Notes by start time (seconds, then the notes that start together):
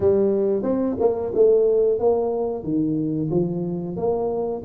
0.00 G3
0.63 C4
1.00 A#3
1.34 A3
1.99 A#3
2.63 D#3
3.30 F3
3.96 A#3